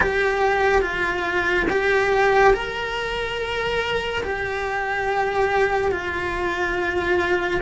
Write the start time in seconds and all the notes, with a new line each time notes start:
0.00 G4
0.81 F4
1.69 G4
2.54 A#4
4.23 G4
5.92 F4